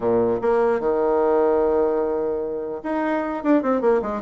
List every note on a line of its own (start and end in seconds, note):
0.00 0.39 A#2
0.41 0.80 A#3
0.80 2.81 D#3
2.83 3.43 D#4
3.43 3.62 D4
3.62 3.81 C4
3.81 4.01 A#3
4.02 4.21 G#3